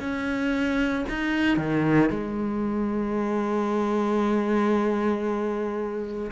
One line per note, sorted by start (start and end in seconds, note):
0.00 1.05 C#4
1.09 1.57 D#4
1.57 2.10 D#3
2.10 6.31 G#3